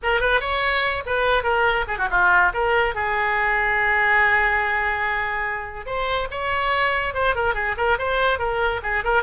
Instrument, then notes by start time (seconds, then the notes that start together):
oboe
0.02 A#4
0.20 B4
0.40 C#5
1.06 B4
1.43 A#4
1.87 G#4
1.97 F#4
2.10 F4
2.53 A#4
2.94 G#4
5.86 C5
6.30 C#5
7.14 C5
7.35 A#4
7.54 G#4
7.77 A#4
7.98 C5
8.38 A#4
8.82 G#4
9.03 A#4